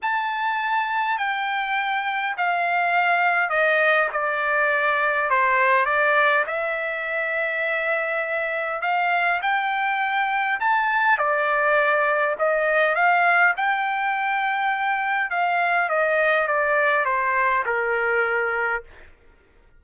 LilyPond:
\new Staff \with { instrumentName = "trumpet" } { \time 4/4 \tempo 4 = 102 a''2 g''2 | f''2 dis''4 d''4~ | d''4 c''4 d''4 e''4~ | e''2. f''4 |
g''2 a''4 d''4~ | d''4 dis''4 f''4 g''4~ | g''2 f''4 dis''4 | d''4 c''4 ais'2 | }